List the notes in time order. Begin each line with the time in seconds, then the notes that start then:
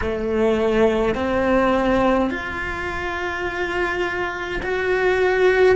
0.01 A3
1.14 C4
2.30 F4
4.62 F#4